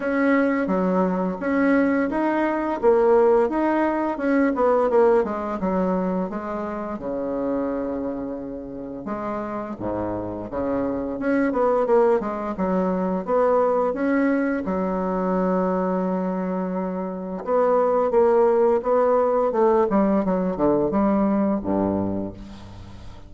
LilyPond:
\new Staff \with { instrumentName = "bassoon" } { \time 4/4 \tempo 4 = 86 cis'4 fis4 cis'4 dis'4 | ais4 dis'4 cis'8 b8 ais8 gis8 | fis4 gis4 cis2~ | cis4 gis4 gis,4 cis4 |
cis'8 b8 ais8 gis8 fis4 b4 | cis'4 fis2.~ | fis4 b4 ais4 b4 | a8 g8 fis8 d8 g4 g,4 | }